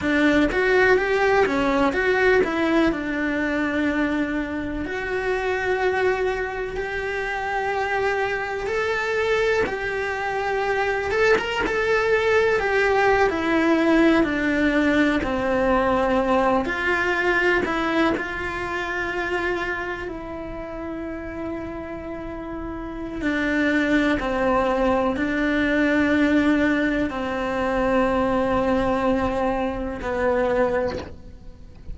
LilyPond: \new Staff \with { instrumentName = "cello" } { \time 4/4 \tempo 4 = 62 d'8 fis'8 g'8 cis'8 fis'8 e'8 d'4~ | d'4 fis'2 g'4~ | g'4 a'4 g'4. a'16 ais'16 | a'4 g'8. e'4 d'4 c'16~ |
c'4~ c'16 f'4 e'8 f'4~ f'16~ | f'8. e'2.~ e'16 | d'4 c'4 d'2 | c'2. b4 | }